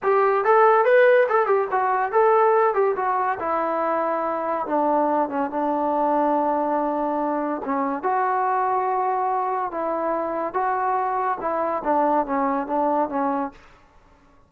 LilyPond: \new Staff \with { instrumentName = "trombone" } { \time 4/4 \tempo 4 = 142 g'4 a'4 b'4 a'8 g'8 | fis'4 a'4. g'8 fis'4 | e'2. d'4~ | d'8 cis'8 d'2.~ |
d'2 cis'4 fis'4~ | fis'2. e'4~ | e'4 fis'2 e'4 | d'4 cis'4 d'4 cis'4 | }